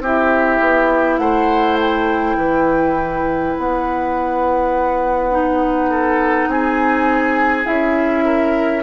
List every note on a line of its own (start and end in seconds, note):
0.00 0.59 C4
0.00 5.31 E4
0.00 1.20 G4
0.00 1.18 E5
0.61 1.18 B3
1.18 2.36 A3
1.18 2.37 C5
1.18 1.77 F#5
1.80 3.56 G5
2.37 3.54 E3
2.37 5.90 B4
3.56 6.47 B3
3.56 6.50 F#5
5.31 7.64 D#4
5.90 6.49 A4
6.47 7.65 C4
6.47 8.25 G#4
6.47 7.66 G#5
7.64 8.83 C#4
7.64 8.82 E4
7.64 8.83 E5
8.25 8.83 A#4